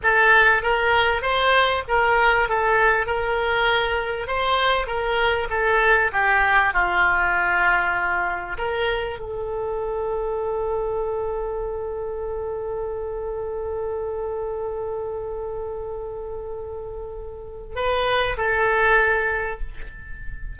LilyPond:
\new Staff \with { instrumentName = "oboe" } { \time 4/4 \tempo 4 = 98 a'4 ais'4 c''4 ais'4 | a'4 ais'2 c''4 | ais'4 a'4 g'4 f'4~ | f'2 ais'4 a'4~ |
a'1~ | a'1~ | a'1~ | a'4 b'4 a'2 | }